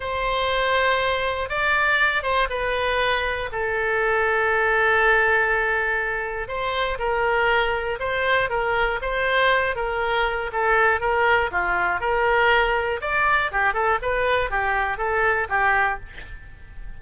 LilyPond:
\new Staff \with { instrumentName = "oboe" } { \time 4/4 \tempo 4 = 120 c''2. d''4~ | d''8 c''8 b'2 a'4~ | a'1~ | a'4 c''4 ais'2 |
c''4 ais'4 c''4. ais'8~ | ais'4 a'4 ais'4 f'4 | ais'2 d''4 g'8 a'8 | b'4 g'4 a'4 g'4 | }